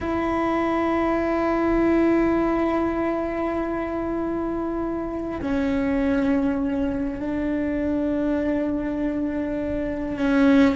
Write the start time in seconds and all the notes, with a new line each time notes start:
0.00 E4
5.41 C#4
7.20 D4
10.18 C#4